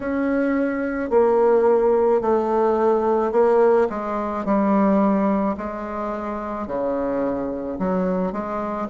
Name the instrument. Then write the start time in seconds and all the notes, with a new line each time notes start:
bassoon
0.00 C#4
1.10 A#3
2.21 A3
3.32 A#3
3.89 G#3
4.44 G3
5.57 G#3
6.67 C#3
7.78 F#3
8.32 G#3